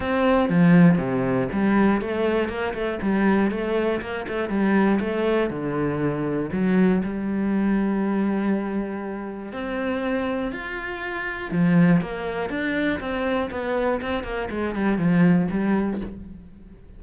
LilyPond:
\new Staff \with { instrumentName = "cello" } { \time 4/4 \tempo 4 = 120 c'4 f4 c4 g4 | a4 ais8 a8 g4 a4 | ais8 a8 g4 a4 d4~ | d4 fis4 g2~ |
g2. c'4~ | c'4 f'2 f4 | ais4 d'4 c'4 b4 | c'8 ais8 gis8 g8 f4 g4 | }